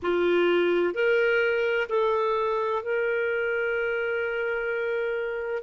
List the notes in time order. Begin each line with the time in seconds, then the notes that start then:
0.02 F4
0.94 A#4
1.89 A4
2.82 A#4